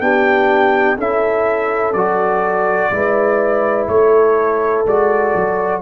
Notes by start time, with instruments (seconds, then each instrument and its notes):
0.00 tuba B3, trombone D4, horn G4, trumpet G5
0.96 tuba C#4, trombone E4, horn A4, trumpet E5
1.93 tuba F#3, trombone F#4, trumpet D5
2.90 tuba G#3, trombone E4, horn B4
3.88 tuba A3, horn A4, trumpet C#5
4.85 tuba G#3, trombone F#4, trumpet D5
5.34 tuba F#3